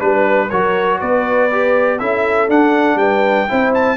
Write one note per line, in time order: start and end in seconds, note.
0.00 0.51 G3
0.00 0.50 D4
0.00 0.50 B4
0.00 0.49 B4
0.49 1.02 F#3
0.49 1.51 F#4
0.49 0.99 A#4
0.49 1.00 C#5
1.00 2.01 B3
1.00 2.00 B4
1.00 1.99 D5
1.52 2.00 G4
1.99 2.49 C#4
1.99 2.49 E4
1.99 2.99 A4
1.99 2.49 E5
2.49 2.96 D4
2.49 3.48 D4
2.49 2.98 F#5
2.96 3.46 G3
2.96 3.49 B4
2.96 3.73 G5
3.49 3.97 C4
3.49 3.97 E4
3.49 3.97 C5
3.75 3.97 A5